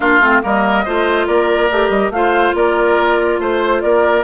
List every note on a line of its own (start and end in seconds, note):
0.00 0.20 A#3
0.00 0.21 D4
0.00 0.41 F4
0.00 0.42 F5
0.20 0.41 A3
0.20 0.42 C4
0.42 0.86 G3
0.42 0.84 A#3
0.42 0.84 A#4
0.42 1.27 D#5
0.84 1.27 A3
0.84 1.71 F4
0.84 1.27 C5
1.27 1.70 A#3
1.27 2.12 A#4
1.27 1.90 D5
1.71 1.89 A3
1.71 2.13 G4
1.89 2.09 G3
1.89 2.11 D#5
2.09 2.52 A3
2.09 4.23 F4
2.09 2.56 C5
2.09 2.54 F5
2.54 3.39 A#3
2.54 3.40 A#4
2.54 3.41 D5
3.39 3.81 A3
3.39 3.82 C5
3.39 3.81 C5
3.81 4.23 A#3
3.81 4.23 A#4
3.81 4.23 D5